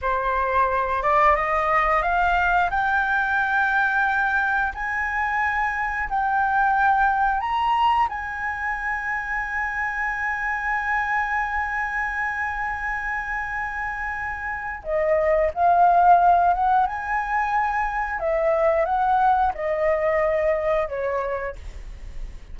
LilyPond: \new Staff \with { instrumentName = "flute" } { \time 4/4 \tempo 4 = 89 c''4. d''8 dis''4 f''4 | g''2. gis''4~ | gis''4 g''2 ais''4 | gis''1~ |
gis''1~ | gis''2 dis''4 f''4~ | f''8 fis''8 gis''2 e''4 | fis''4 dis''2 cis''4 | }